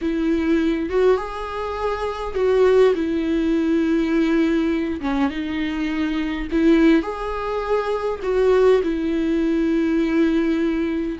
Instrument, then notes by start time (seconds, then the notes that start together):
viola
0.01 E4
0.89 F#4
1.17 G#4
2.34 F#4
2.94 E4
5.00 C#4
5.30 D#4
6.51 E4
7.02 G#4
8.22 F#4
8.83 E4